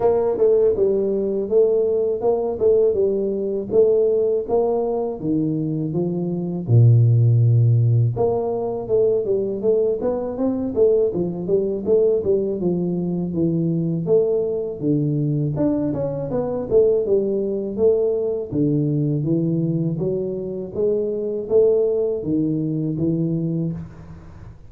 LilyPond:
\new Staff \with { instrumentName = "tuba" } { \time 4/4 \tempo 4 = 81 ais8 a8 g4 a4 ais8 a8 | g4 a4 ais4 dis4 | f4 ais,2 ais4 | a8 g8 a8 b8 c'8 a8 f8 g8 |
a8 g8 f4 e4 a4 | d4 d'8 cis'8 b8 a8 g4 | a4 d4 e4 fis4 | gis4 a4 dis4 e4 | }